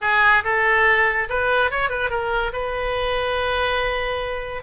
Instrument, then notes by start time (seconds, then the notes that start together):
oboe
0.01 G#4
0.44 A4
1.29 B4
1.70 C#5
1.89 B4
2.09 A#4
2.52 B4